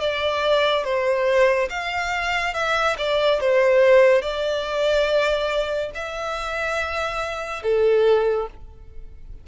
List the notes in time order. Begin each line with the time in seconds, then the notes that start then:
0.00 D5
0.84 C5
1.70 F5
2.54 E5
2.98 D5
3.40 C5
4.22 D5
5.95 E5
7.62 A4